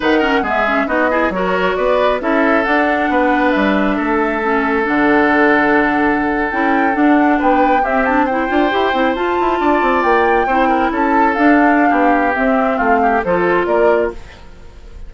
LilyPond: <<
  \new Staff \with { instrumentName = "flute" } { \time 4/4 \tempo 4 = 136 fis''4 e''4 dis''4 cis''4 | d''4 e''4 fis''2 | e''2. fis''4~ | fis''2~ fis''8. g''4 fis''16~ |
fis''8. g''4 e''8 a''8 g''4~ g''16~ | g''8. a''2 g''4~ g''16~ | g''8. a''4 f''2~ f''16 | e''4 f''4 c''4 d''4 | }
  \new Staff \with { instrumentName = "oboe" } { \time 4/4 b'8 ais'8 gis'4 fis'8 gis'8 ais'4 | b'4 a'2 b'4~ | b'4 a'2.~ | a'1~ |
a'8. b'4 g'4 c''4~ c''16~ | c''4.~ c''16 d''2 c''16~ | c''16 ais'8 a'2~ a'16 g'4~ | g'4 f'8 g'8 a'4 ais'4 | }
  \new Staff \with { instrumentName = "clarinet" } { \time 4/4 dis'8 cis'8 b8 cis'8 dis'8 e'8 fis'4~ | fis'4 e'4 d'2~ | d'2 cis'4 d'4~ | d'2~ d'8. e'4 d'16~ |
d'4.~ d'16 c'8 d'8 e'8 f'8 g'16~ | g'16 e'8 f'2. e'16~ | e'4.~ e'16 d'2~ d'16 | c'2 f'2 | }
  \new Staff \with { instrumentName = "bassoon" } { \time 4/4 dis4 gis4 b4 fis4 | b4 cis'4 d'4 b4 | g4 a2 d4~ | d2~ d8. cis'4 d'16~ |
d'8. b4 c'4. d'8 e'16~ | e'16 c'8 f'8 e'8 d'8 c'8 ais4 c'16~ | c'8. cis'4 d'4~ d'16 b4 | c'4 a4 f4 ais4 | }
>>